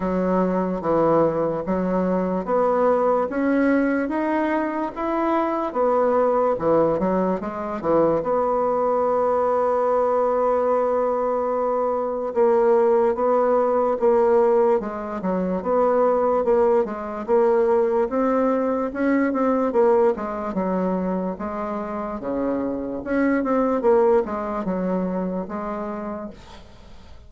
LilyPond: \new Staff \with { instrumentName = "bassoon" } { \time 4/4 \tempo 4 = 73 fis4 e4 fis4 b4 | cis'4 dis'4 e'4 b4 | e8 fis8 gis8 e8 b2~ | b2. ais4 |
b4 ais4 gis8 fis8 b4 | ais8 gis8 ais4 c'4 cis'8 c'8 | ais8 gis8 fis4 gis4 cis4 | cis'8 c'8 ais8 gis8 fis4 gis4 | }